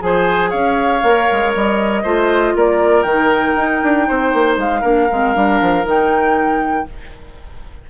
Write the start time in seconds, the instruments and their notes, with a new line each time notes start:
0.00 bassoon F3, clarinet G#4, oboe C5, flute G#5
0.50 bassoon C#4, oboe C#5, flute F5
1.03 bassoon A#3, clarinet A#4
1.32 bassoon G#3
1.55 bassoon G3, flute D#5
2.03 bassoon A3, clarinet F4, oboe C5
2.56 bassoon A#3, oboe A#4, flute D5
3.03 bassoon D#3, clarinet D#4, flute G5
3.56 bassoon D#4
3.84 bassoon D4
4.08 bassoon C4, oboe C5
4.34 bassoon A#3
4.57 bassoon G#3, flute F5
4.81 bassoon A#3, clarinet D4, oboe A#4
5.12 bassoon G#3, clarinet C4
5.35 bassoon G3, clarinet D4
5.62 bassoon F3
5.84 bassoon D#3, clarinet D#4, flute G5